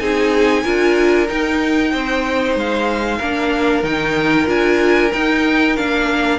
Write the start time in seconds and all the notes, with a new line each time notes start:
0.00 C4 D#4 G#4 G#5
0.63 D4 F4 A#4
1.28 D#4 G5
1.92 C4 C5
2.56 G#3 F5
3.18 A#3 D4 A#4
3.83 D#3 D#4 G5
4.47 D4 F4 G#5
5.13 D#4 G5
5.76 A#3 D4 F5